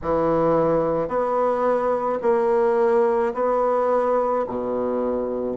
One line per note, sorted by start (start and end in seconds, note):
0.02 1.08 E3
1.08 2.19 B3
2.22 3.33 A#3
3.33 4.44 B3
4.47 5.57 B2